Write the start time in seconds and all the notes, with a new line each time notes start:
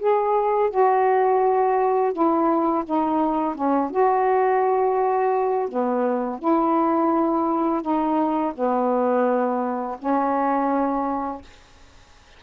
0.00 G#4
0.70 F#4
2.13 E4
2.86 D#4
3.56 C#4
3.91 F#4
5.69 B3
6.40 E4
7.82 D#4
8.55 B3
9.99 C#4